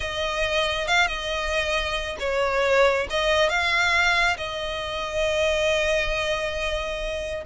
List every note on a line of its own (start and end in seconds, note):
0.00 0.87 D#5
0.87 1.07 F5
1.07 2.16 D#5
2.19 3.07 C#5
3.10 3.49 D#5
3.49 4.36 F5
4.37 7.44 D#5